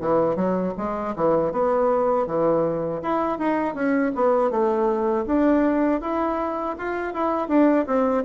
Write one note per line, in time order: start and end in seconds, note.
0.00 0.36 E3
0.36 0.73 F#3
0.77 1.15 G#3
1.16 1.52 E3
1.52 2.26 B3
2.26 3.01 E3
3.02 3.39 E4
3.39 3.74 D#4
3.74 4.12 C#4
4.15 4.50 B3
4.50 5.25 A3
5.26 6.01 D4
6.01 6.76 E4
6.78 7.14 F4
7.14 7.48 E4
7.48 7.86 D4
7.86 8.24 C4